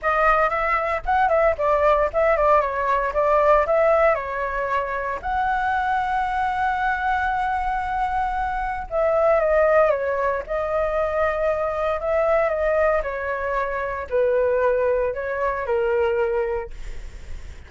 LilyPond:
\new Staff \with { instrumentName = "flute" } { \time 4/4 \tempo 4 = 115 dis''4 e''4 fis''8 e''8 d''4 | e''8 d''8 cis''4 d''4 e''4 | cis''2 fis''2~ | fis''1~ |
fis''4 e''4 dis''4 cis''4 | dis''2. e''4 | dis''4 cis''2 b'4~ | b'4 cis''4 ais'2 | }